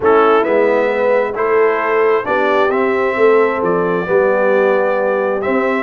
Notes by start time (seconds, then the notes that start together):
0.00 A3 C#4 E4 A4
0.43 G#3 B3 E5
0.87 B4
1.35 A3 E4 A4 C5
2.24 B3 D4 G4 D5
2.68 C4 E5
3.15 A3 A4
3.62 F3 D5
4.05 G3 B3 G4
5.41 C4 E5